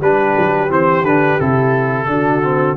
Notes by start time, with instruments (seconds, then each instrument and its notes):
0.00 tuba G3, trombone D4, horn G4, trumpet B4
0.37 tuba F#3
0.69 tuba E3, trombone C4, trumpet C5
1.03 tuba D3, trombone D4, trumpet B4
1.39 tuba C3, trombone E4, trumpet A4
2.07 tuba D3, trombone D4, horn F#4
2.43 trombone C4